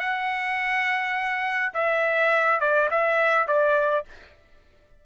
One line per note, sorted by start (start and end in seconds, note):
0.00 1.73 F#5
1.74 2.60 E5
2.60 2.89 D5
2.91 3.48 E5
3.48 4.06 D5